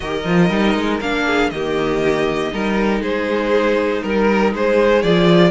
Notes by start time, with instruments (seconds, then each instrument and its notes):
0.00 cello D#3, viola G4, violin A#4 D#5
0.24 cello F3, viola F4
0.49 cello G3, viola D#4
0.74 cello G#3
1.01 cello A#3, viola D4, violin F5
1.25 violin G#4
1.50 cello D#3, viola A#3, violin G4 D#5
2.52 cello G3, viola D#4, violin A#4
3.00 cello G#3, violin G#4 C5
4.02 cello G3, violin A#4
4.53 cello G#3, violin G#4 C5
5.02 cello F3, viola F4, violin D5